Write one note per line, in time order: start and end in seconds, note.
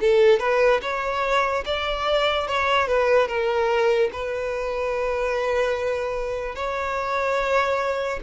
0.00 0.39 A4
0.39 0.80 B4
0.82 1.64 C#5
1.65 2.47 D5
2.47 2.87 C#5
2.87 3.28 B4
3.28 4.10 A#4
4.12 6.55 B4
6.55 8.19 C#5